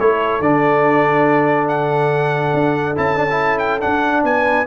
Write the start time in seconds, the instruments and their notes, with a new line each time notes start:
0.00 tuba A3, trombone E4, horn A4, trumpet C#5
0.40 tuba D3, trombone D4, trumpet D5
1.69 trumpet F#5
2.54 tuba D4
2.96 tuba C#4, trombone E4, trumpet A5
3.17 trombone D4
3.30 trombone E4
3.59 trumpet G5
3.81 trombone D4, tuba D4, trumpet F#5
4.24 tuba B3, horn B4, trumpet G#5